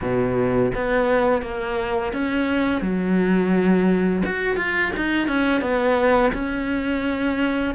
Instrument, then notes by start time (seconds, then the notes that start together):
cello
0.01 B2
0.74 B3
1.41 A#3
2.12 C#4
2.81 F#3
4.25 F#4
4.56 F4
4.96 D#4
5.27 C#4
5.61 B3
6.33 C#4